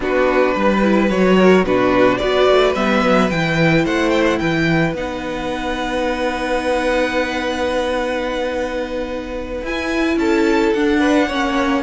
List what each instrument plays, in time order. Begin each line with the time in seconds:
0.00 cello B3, viola D4, violin F#4 B4
0.54 cello G3, violin B4
0.82 viola E4
1.09 cello F#3, viola F#4, violin C#5
1.38 violin A#4
1.63 cello B2, viola D4, violin F#4 B4
2.17 cello B3, viola F#4, violin B4 D5
2.50 cello A3
2.75 cello G3, viola B3, violin E5
3.02 cello F#3
3.30 cello E3, viola E4, violin G5
3.84 cello A3, violin C5 F#5
4.10 violin G5
4.26 violin F#5
4.38 cello E3, violin B4 G5
4.94 cello B3, viola D#4, violin F#5
9.62 cello E4, viola E4, violin G#5
10.16 cello C#4, violin A4 A5
10.73 cello D4, viola D4, violin F#5
10.99 violin B4
11.27 cello A#3, viola C#4, violin C#5